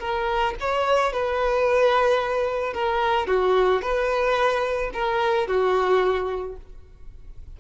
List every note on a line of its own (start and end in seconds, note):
0.00 0.55 A#4
0.61 1.13 C#5
1.13 2.74 B4
2.74 3.28 A#4
3.28 3.82 F#4
3.82 4.91 B4
4.94 5.48 A#4
5.48 6.57 F#4